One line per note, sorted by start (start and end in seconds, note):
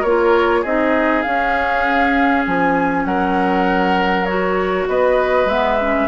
0.00 0.64 A#3
0.00 0.61 A#4
0.00 0.63 C#5
0.06 0.65 F4
0.61 1.25 C4
0.61 1.24 D#4
0.61 3.04 G#4
0.61 1.22 D#5
1.22 4.27 C#4
1.22 2.47 C#4
1.22 2.43 F5
2.46 3.05 F3
2.46 3.05 G#5
3.05 4.87 F#3
3.05 4.89 A#4
3.05 4.25 F#5
4.25 5.48 F#4
4.25 4.86 C#5
4.87 5.45 B3
4.87 6.08 B4
4.87 5.49 D#5
5.45 6.06 G#3
5.45 5.79 B3
5.45 6.08 E5
5.80 6.08 C#4